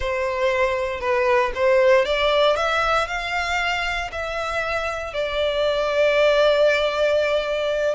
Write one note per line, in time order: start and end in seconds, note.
0.00 1.00 C5
1.00 1.51 B4
1.55 2.05 C5
2.05 2.56 D5
2.56 3.07 E5
3.07 4.10 F5
4.12 5.13 E5
5.13 7.95 D5